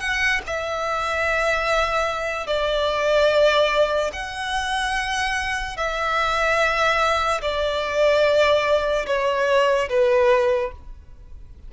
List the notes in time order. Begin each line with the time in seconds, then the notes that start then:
0.00 F#5
0.46 E5
2.47 D5
4.12 F#5
5.76 E5
7.42 D5
9.06 C#5
9.89 B4